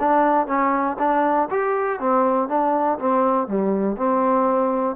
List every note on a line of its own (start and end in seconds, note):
0.00 0.47 D4
0.47 0.97 C#4
0.99 1.49 D4
1.51 2.00 G4
2.00 2.49 C4
2.49 2.99 D4
2.99 3.48 C4
3.48 3.97 G3
3.97 4.96 C4